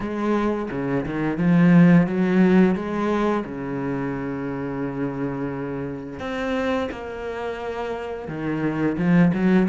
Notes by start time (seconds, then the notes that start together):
0.00 G#3
0.71 C#3
1.05 D#3
1.37 F3
2.07 F#3
2.75 G#3
3.44 C#3
6.19 C4
6.91 A#3
8.28 D#3
8.97 F3
9.33 F#3